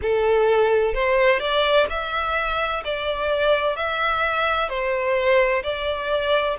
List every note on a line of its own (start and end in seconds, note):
0.02 0.94 A4
0.94 1.39 C5
1.39 1.86 D5
1.89 2.83 E5
2.84 3.76 D5
3.76 4.69 E5
4.69 5.62 C5
5.62 6.56 D5